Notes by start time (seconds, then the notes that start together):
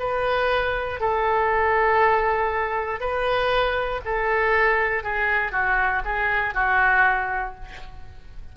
0.00 B4
1.00 A4
3.00 B4
4.05 A4
5.04 G#4
5.52 F#4
6.05 G#4
6.54 F#4